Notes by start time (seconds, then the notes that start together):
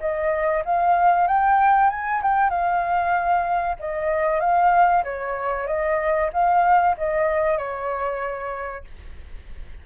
0.00 D#5
0.65 F5
1.27 G5
1.90 G#5
2.22 G5
2.49 F5
3.79 D#5
4.40 F5
5.04 C#5
5.67 D#5
6.33 F5
6.97 D#5
7.58 C#5